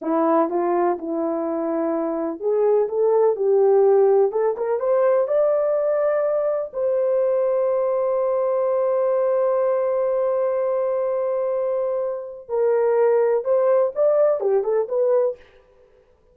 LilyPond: \new Staff \with { instrumentName = "horn" } { \time 4/4 \tempo 4 = 125 e'4 f'4 e'2~ | e'4 gis'4 a'4 g'4~ | g'4 a'8 ais'8 c''4 d''4~ | d''2 c''2~ |
c''1~ | c''1~ | c''2 ais'2 | c''4 d''4 g'8 a'8 b'4 | }